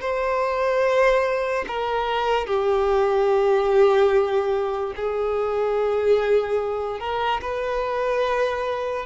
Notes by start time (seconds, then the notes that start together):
0.00 C5
1.67 A#4
2.46 G4
4.96 G#4
6.99 A#4
7.41 B4